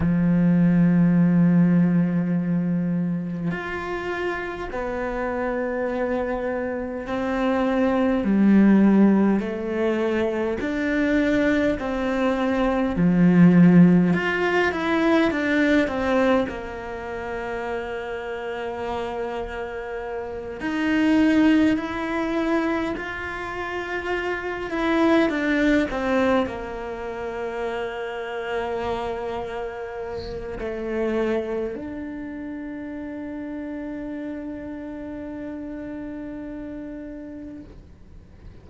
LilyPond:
\new Staff \with { instrumentName = "cello" } { \time 4/4 \tempo 4 = 51 f2. f'4 | b2 c'4 g4 | a4 d'4 c'4 f4 | f'8 e'8 d'8 c'8 ais2~ |
ais4. dis'4 e'4 f'8~ | f'4 e'8 d'8 c'8 ais4.~ | ais2 a4 d'4~ | d'1 | }